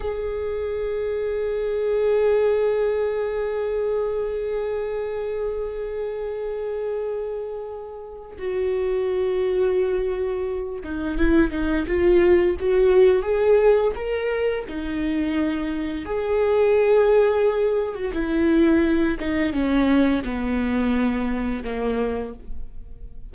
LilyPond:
\new Staff \with { instrumentName = "viola" } { \time 4/4 \tempo 4 = 86 gis'1~ | gis'1~ | gis'1 | fis'2.~ fis'8 dis'8 |
e'8 dis'8 f'4 fis'4 gis'4 | ais'4 dis'2 gis'4~ | gis'4.~ gis'16 fis'16 e'4. dis'8 | cis'4 b2 ais4 | }